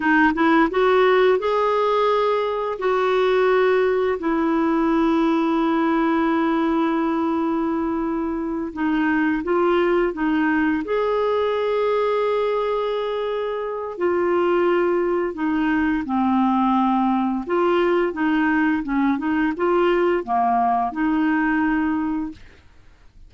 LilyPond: \new Staff \with { instrumentName = "clarinet" } { \time 4/4 \tempo 4 = 86 dis'8 e'8 fis'4 gis'2 | fis'2 e'2~ | e'1~ | e'8 dis'4 f'4 dis'4 gis'8~ |
gis'1 | f'2 dis'4 c'4~ | c'4 f'4 dis'4 cis'8 dis'8 | f'4 ais4 dis'2 | }